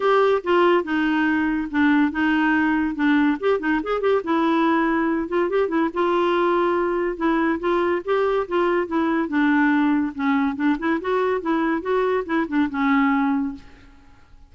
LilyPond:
\new Staff \with { instrumentName = "clarinet" } { \time 4/4 \tempo 4 = 142 g'4 f'4 dis'2 | d'4 dis'2 d'4 | g'8 dis'8 gis'8 g'8 e'2~ | e'8 f'8 g'8 e'8 f'2~ |
f'4 e'4 f'4 g'4 | f'4 e'4 d'2 | cis'4 d'8 e'8 fis'4 e'4 | fis'4 e'8 d'8 cis'2 | }